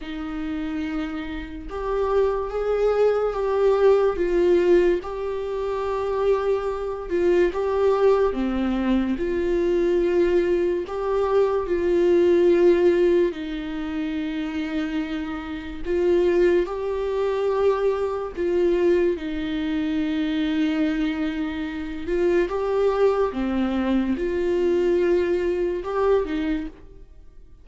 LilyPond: \new Staff \with { instrumentName = "viola" } { \time 4/4 \tempo 4 = 72 dis'2 g'4 gis'4 | g'4 f'4 g'2~ | g'8 f'8 g'4 c'4 f'4~ | f'4 g'4 f'2 |
dis'2. f'4 | g'2 f'4 dis'4~ | dis'2~ dis'8 f'8 g'4 | c'4 f'2 g'8 dis'8 | }